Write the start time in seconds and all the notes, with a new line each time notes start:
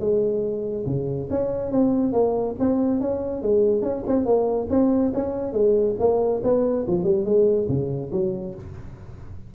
0.00 G#3
0.86 C#3
1.30 C#4
1.72 C4
2.13 A#3
2.60 C4
3.01 C#4
3.42 G#3
3.82 C#4
4.07 C4
4.26 A#3
4.70 C4
5.14 C#4
5.53 G#3
5.99 A#3
6.44 B3
6.87 F3
7.04 G3
7.25 G#3
7.69 C#3
8.12 F#3